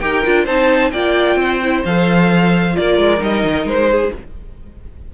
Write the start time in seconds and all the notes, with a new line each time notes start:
0.00 D#4 G4 A#4 G5
0.24 D4 F4
0.45 C4 D#4 C5 A5
0.91 A#3 F4 D5 G5
1.36 C4 C5
1.63 E4
1.85 F3 A4 F5
2.73 A#3 F4 A#4 D5
2.98 G#3
3.19 G3 D#4 D#5
3.44 D#3
3.65 G#3 C5
3.91 G#4